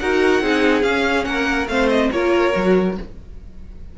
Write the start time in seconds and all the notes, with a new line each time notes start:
0.00 D#4 F#4 A#4 F#5
0.42 C4 D#4 G#4
0.82 C#4 F5
1.25 A#3 A#4 F#5
1.67 A3 C4 C5 F5
1.90 D#5
2.12 A#3 F4 A#4 C#5
2.53 F#3 F#4